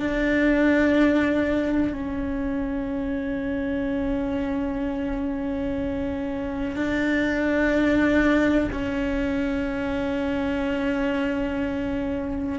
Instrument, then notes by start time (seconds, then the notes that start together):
cello
0.00 D4
1.93 C#4
6.76 D4
8.72 C#4